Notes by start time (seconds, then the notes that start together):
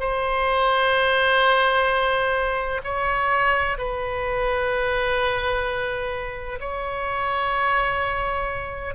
0.00 C5
2.84 C#5
3.78 B4
6.60 C#5